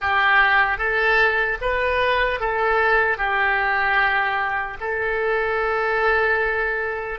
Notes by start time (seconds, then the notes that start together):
0.01 G4
0.78 A4
1.61 B4
2.40 A4
3.17 G4
4.80 A4